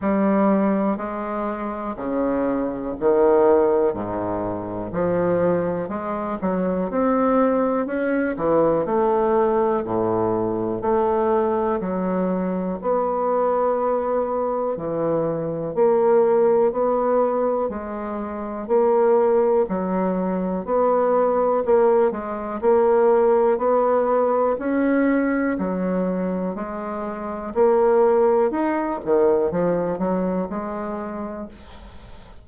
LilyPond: \new Staff \with { instrumentName = "bassoon" } { \time 4/4 \tempo 4 = 61 g4 gis4 cis4 dis4 | gis,4 f4 gis8 fis8 c'4 | cis'8 e8 a4 a,4 a4 | fis4 b2 e4 |
ais4 b4 gis4 ais4 | fis4 b4 ais8 gis8 ais4 | b4 cis'4 fis4 gis4 | ais4 dis'8 dis8 f8 fis8 gis4 | }